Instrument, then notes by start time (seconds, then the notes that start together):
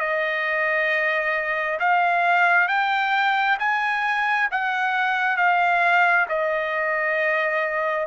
trumpet
0.00 D#5
1.80 F5
2.68 G5
3.59 G#5
4.51 F#5
5.37 F5
6.29 D#5